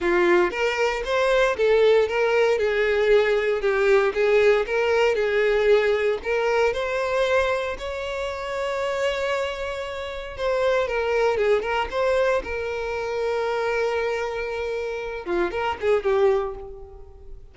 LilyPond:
\new Staff \with { instrumentName = "violin" } { \time 4/4 \tempo 4 = 116 f'4 ais'4 c''4 a'4 | ais'4 gis'2 g'4 | gis'4 ais'4 gis'2 | ais'4 c''2 cis''4~ |
cis''1 | c''4 ais'4 gis'8 ais'8 c''4 | ais'1~ | ais'4. f'8 ais'8 gis'8 g'4 | }